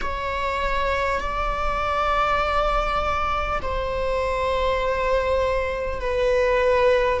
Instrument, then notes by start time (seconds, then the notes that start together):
viola
0.01 C#5
1.20 D5
3.62 C5
6.00 B4